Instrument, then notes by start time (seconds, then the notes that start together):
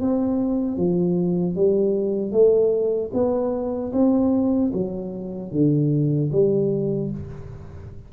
tuba
0.00 C4
0.77 F3
1.55 G3
2.31 A3
3.13 B3
3.92 C4
4.73 F#3
5.51 D3
6.32 G3